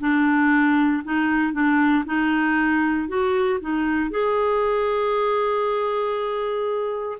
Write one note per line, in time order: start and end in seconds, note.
0.00 1.03 D4
1.04 1.53 D#4
1.53 2.04 D4
2.06 3.08 D#4
3.08 3.59 F#4
3.60 4.10 D#4
4.10 7.18 G#4